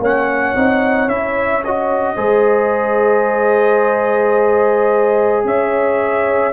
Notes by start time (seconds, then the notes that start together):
0.00 A#3 C#4 C#5 F#5
0.55 C4 D#4
1.07 C#4 E4 E5
1.65 F#4 D#5
2.16 G#3 G#4 C5
5.45 C#4 C#5 E5